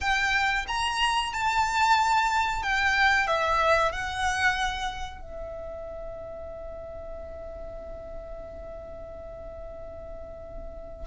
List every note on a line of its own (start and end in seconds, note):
0.00 0.66 G5
0.67 1.33 A#5
1.33 2.62 A5
2.62 3.27 G5
3.27 3.91 E5
3.91 5.21 F#5
5.21 11.06 E5